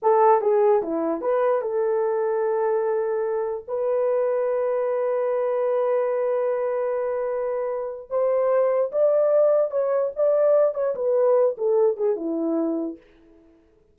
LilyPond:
\new Staff \with { instrumentName = "horn" } { \time 4/4 \tempo 4 = 148 a'4 gis'4 e'4 b'4 | a'1~ | a'4 b'2.~ | b'1~ |
b'1 | c''2 d''2 | cis''4 d''4. cis''8 b'4~ | b'8 a'4 gis'8 e'2 | }